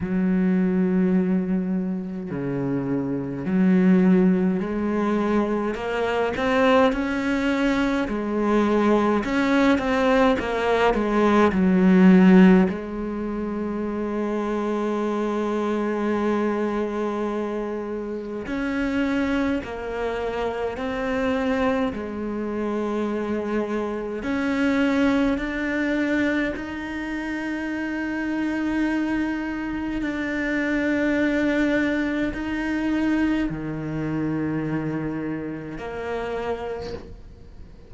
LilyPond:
\new Staff \with { instrumentName = "cello" } { \time 4/4 \tempo 4 = 52 fis2 cis4 fis4 | gis4 ais8 c'8 cis'4 gis4 | cis'8 c'8 ais8 gis8 fis4 gis4~ | gis1 |
cis'4 ais4 c'4 gis4~ | gis4 cis'4 d'4 dis'4~ | dis'2 d'2 | dis'4 dis2 ais4 | }